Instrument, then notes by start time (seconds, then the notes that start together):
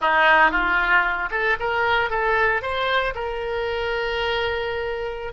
oboe
0.01 D#4
0.51 F4
1.30 A4
1.59 A#4
2.10 A4
2.61 C5
3.14 A#4